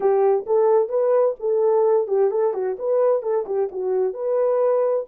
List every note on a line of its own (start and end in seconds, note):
0.00 0.45 G4
0.46 0.89 A4
0.89 1.35 B4
1.39 2.07 A4
2.07 2.30 G4
2.30 2.53 A4
2.53 2.76 F#4
2.79 3.22 B4
3.22 3.45 A4
3.46 3.69 G4
3.71 4.13 F#4
4.13 5.06 B4